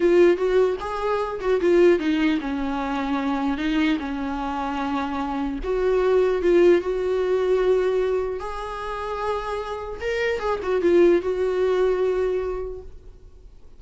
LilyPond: \new Staff \with { instrumentName = "viola" } { \time 4/4 \tempo 4 = 150 f'4 fis'4 gis'4. fis'8 | f'4 dis'4 cis'2~ | cis'4 dis'4 cis'2~ | cis'2 fis'2 |
f'4 fis'2.~ | fis'4 gis'2.~ | gis'4 ais'4 gis'8 fis'8 f'4 | fis'1 | }